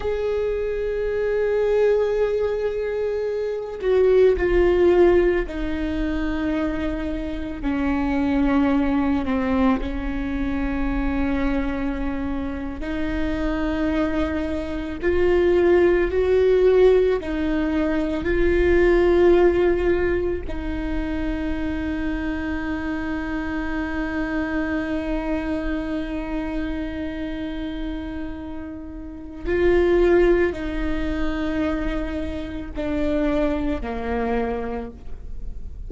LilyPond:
\new Staff \with { instrumentName = "viola" } { \time 4/4 \tempo 4 = 55 gis'2.~ gis'8 fis'8 | f'4 dis'2 cis'4~ | cis'8 c'8 cis'2~ cis'8. dis'16~ | dis'4.~ dis'16 f'4 fis'4 dis'16~ |
dis'8. f'2 dis'4~ dis'16~ | dis'1~ | dis'2. f'4 | dis'2 d'4 ais4 | }